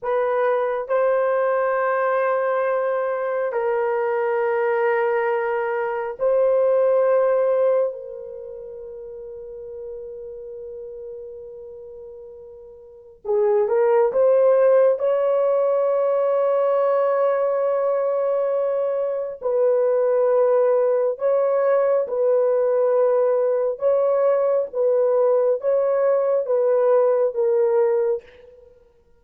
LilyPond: \new Staff \with { instrumentName = "horn" } { \time 4/4 \tempo 4 = 68 b'4 c''2. | ais'2. c''4~ | c''4 ais'2.~ | ais'2. gis'8 ais'8 |
c''4 cis''2.~ | cis''2 b'2 | cis''4 b'2 cis''4 | b'4 cis''4 b'4 ais'4 | }